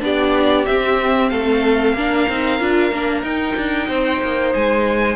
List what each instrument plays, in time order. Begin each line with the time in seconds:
0.00 cello B3, viola D4, violin G4 D5
0.66 cello C4, viola C4, violin E5
1.28 cello A3, violin A4 F5
1.93 cello A#3, viola D4, violin A#4
2.28 cello C4, viola D#4
2.60 cello D4, viola F4
2.91 cello A#3, viola D4
3.22 cello D#4, viola D#4, violin G5
3.56 cello D4
3.88 cello C4, violin C5
4.22 cello A#3
4.54 cello G#3, violin G#5